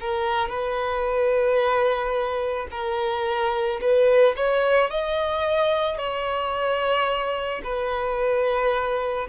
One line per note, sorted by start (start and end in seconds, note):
0.00 0.49 A#4
0.49 2.67 B4
2.71 3.80 A#4
3.81 4.35 B4
4.36 4.90 C#5
4.90 5.98 D#5
5.98 7.61 C#5
7.64 9.27 B4